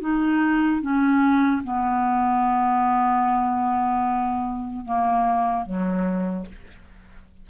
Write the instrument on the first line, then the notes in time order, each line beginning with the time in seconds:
clarinet
0.00 D#4
0.81 C#4
1.63 B3
4.85 A#3
5.65 F#3